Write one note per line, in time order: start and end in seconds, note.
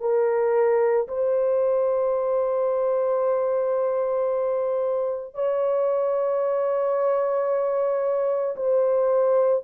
0.00 1.07 A#4
1.08 5.34 C5
5.34 8.56 C#5
8.56 9.63 C5